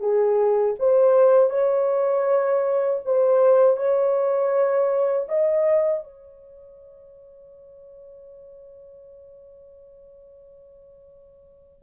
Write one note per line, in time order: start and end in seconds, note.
0.00 0.75 G#4
0.79 1.50 C5
1.50 3.00 C#5
3.05 3.77 C5
3.77 5.27 C#5
5.28 6.03 D#5
6.04 11.83 C#5